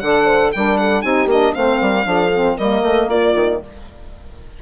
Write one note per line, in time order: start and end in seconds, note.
0.00 0.53 D3
0.00 0.54 A4
0.00 0.25 D5
0.00 0.51 F#5
0.25 0.51 C5
0.52 1.04 G3
0.52 1.04 D4
0.52 0.80 A#4
0.52 0.78 G5
0.78 1.03 A4
0.78 1.02 F#5
1.02 1.27 C4
1.02 1.30 D#4
1.02 1.54 G4
1.02 1.28 G#5
1.27 1.52 A#3
1.27 1.55 D4
1.27 1.55 D#5
1.55 1.81 A3
1.55 2.05 C4
1.55 1.81 C5
1.55 2.57 F5
1.81 2.06 G3
1.81 2.06 A#4
2.05 2.57 F3
2.05 2.30 D4
2.05 2.57 A4
2.35 2.60 C4
2.57 2.82 G3
2.57 3.62 A#3
2.57 3.09 A#4
2.57 3.09 D#5
2.82 3.08 A3
3.08 3.33 A#3
3.08 3.61 F4
3.08 3.62 D5
3.36 3.62 D#3